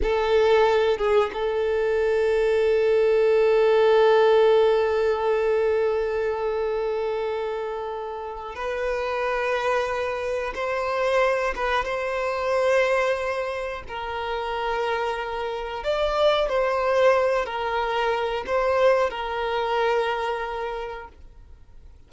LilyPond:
\new Staff \with { instrumentName = "violin" } { \time 4/4 \tempo 4 = 91 a'4. gis'8 a'2~ | a'1~ | a'1~ | a'4 b'2. |
c''4. b'8 c''2~ | c''4 ais'2. | d''4 c''4. ais'4. | c''4 ais'2. | }